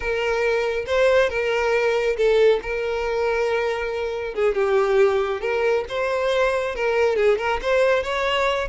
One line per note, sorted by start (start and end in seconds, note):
0.00 0.85 A#4
0.86 1.29 C5
1.29 2.16 A#4
2.16 2.60 A4
2.62 4.34 A#4
4.34 4.54 G#4
4.54 5.41 G4
5.41 5.84 A#4
5.88 6.75 C5
6.75 7.16 A#4
7.16 7.37 G#4
7.38 7.59 A#4
7.61 8.03 C5
8.03 8.68 C#5